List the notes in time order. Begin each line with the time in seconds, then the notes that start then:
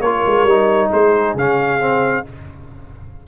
0.00 A#3 F4 A#4 C#5
0.26 G#3
0.44 G3 D#4
0.90 G#3 G#4 C5
1.34 C#3 C#4 F5
1.79 C4